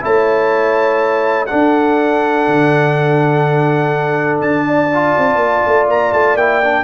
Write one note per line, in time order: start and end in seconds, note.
0.00 1.51 A3
0.00 1.46 E4
0.00 1.49 C#5
0.00 1.46 A5
1.46 4.89 D4
1.46 4.66 A4
1.46 4.38 F#5
1.52 2.47 D4
2.47 4.41 D3
4.41 5.14 D4
4.41 5.87 A5
4.67 6.83 D5
4.94 6.37 F4
5.17 5.36 C4
5.36 5.60 A#3
5.66 5.88 A3
5.88 6.12 A#3
5.88 6.12 A#5
6.12 6.35 A3
6.12 6.36 A5
6.35 6.83 A#3
6.35 6.62 E4
6.35 6.83 G5
6.63 6.83 D4